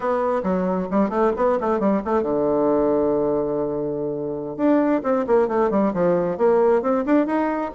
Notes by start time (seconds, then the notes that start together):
0.00 B3
0.43 F#3
0.91 G3
1.09 A3
1.36 B3
1.60 A3
1.79 G3
2.04 A3
2.22 D3
4.57 D4
5.03 C4
5.26 A#3
5.48 A3
5.70 G3
5.93 F3
6.37 A#3
6.82 C4
7.05 D4
7.26 D#4